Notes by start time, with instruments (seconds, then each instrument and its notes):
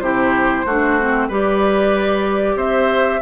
0.00 bassoon C3, clarinet E4, oboe G4, flute C5
0.65 bassoon A3, clarinet D4, oboe F#4
1.00 clarinet C4
1.28 bassoon G3, clarinet G4, oboe B4, flute D5
2.56 bassoon C4, oboe C5, flute E5